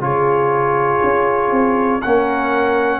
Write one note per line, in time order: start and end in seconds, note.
0.00 1.00 C#3
0.00 2.00 F4
0.00 2.03 G#4
0.00 2.02 C#5
1.03 1.51 C#4
1.51 2.01 C4
2.02 3.00 A#3
2.02 3.00 C#4
2.02 3.00 A#4
2.02 3.00 F#5